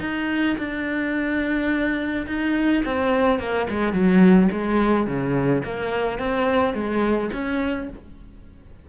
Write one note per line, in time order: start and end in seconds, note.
0.00 0.56 D#4
0.58 2.26 D4
2.27 2.83 D#4
2.85 3.39 C4
3.39 3.67 A#3
3.70 3.93 G#3
3.93 4.49 F#3
4.51 5.06 G#3
5.06 5.63 C#3
5.64 6.19 A#3
6.19 6.74 C4
6.74 7.30 G#3
7.33 7.89 C#4